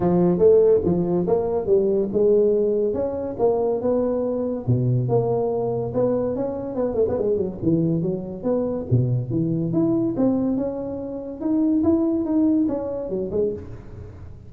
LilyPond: \new Staff \with { instrumentName = "tuba" } { \time 4/4 \tempo 4 = 142 f4 a4 f4 ais4 | g4 gis2 cis'4 | ais4 b2 b,4 | ais2 b4 cis'4 |
b8 a16 b16 gis8 fis8 e4 fis4 | b4 b,4 e4 e'4 | c'4 cis'2 dis'4 | e'4 dis'4 cis'4 fis8 gis8 | }